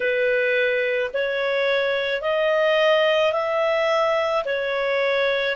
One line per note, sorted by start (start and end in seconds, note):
0.00 1.11 B4
1.13 2.21 C#5
2.21 3.32 D#5
3.32 4.43 E5
4.44 5.56 C#5